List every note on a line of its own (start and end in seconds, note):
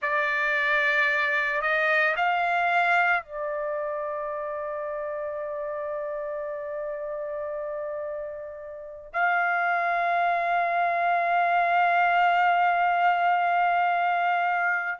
0.02 1.61 D5
1.61 2.15 D#5
2.16 3.22 F5
3.22 9.12 D5
9.13 14.99 F5